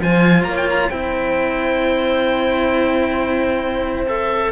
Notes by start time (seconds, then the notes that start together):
0.00 F3 F4 C5 G#5
0.43 A#3 C#5 A#5
0.57 G5
0.70 A#5
0.89 C4 E4 C5 G5
4.08 A4 E5